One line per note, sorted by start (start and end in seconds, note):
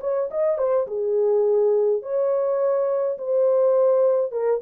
0.00 0.29 C#5
0.30 0.58 D#5
0.58 0.87 C5
0.87 2.02 G#4
2.02 3.17 C#5
3.18 4.31 C5
4.31 4.60 A#4